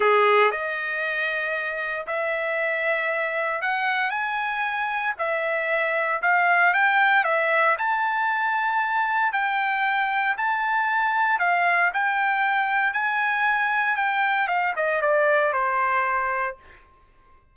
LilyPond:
\new Staff \with { instrumentName = "trumpet" } { \time 4/4 \tempo 4 = 116 gis'4 dis''2. | e''2. fis''4 | gis''2 e''2 | f''4 g''4 e''4 a''4~ |
a''2 g''2 | a''2 f''4 g''4~ | g''4 gis''2 g''4 | f''8 dis''8 d''4 c''2 | }